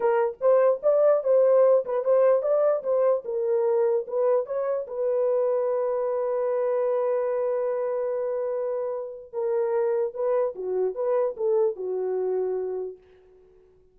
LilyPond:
\new Staff \with { instrumentName = "horn" } { \time 4/4 \tempo 4 = 148 ais'4 c''4 d''4 c''4~ | c''8 b'8 c''4 d''4 c''4 | ais'2 b'4 cis''4 | b'1~ |
b'1~ | b'2. ais'4~ | ais'4 b'4 fis'4 b'4 | a'4 fis'2. | }